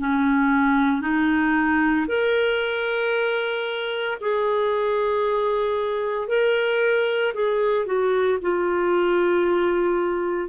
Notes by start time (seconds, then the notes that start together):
0.00 C#4
1.02 D#4
2.08 A#4
4.21 G#4
6.29 A#4
7.34 G#4
7.87 F#4
8.42 F4